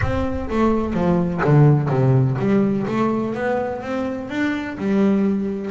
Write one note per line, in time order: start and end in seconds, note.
0.01 0.49 C4
0.49 0.93 A3
0.93 1.41 F3
1.44 1.89 D3
1.89 2.37 C3
2.39 2.86 G3
2.87 3.34 A3
3.34 3.81 B3
3.81 4.29 C4
4.29 4.77 D4
4.77 5.71 G3